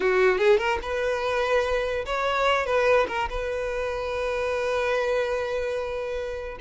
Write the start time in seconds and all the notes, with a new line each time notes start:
0.00 F#4
0.38 G#4
0.58 A#4
0.82 B4
2.05 C#5
2.65 B4
3.08 A#4
3.29 B4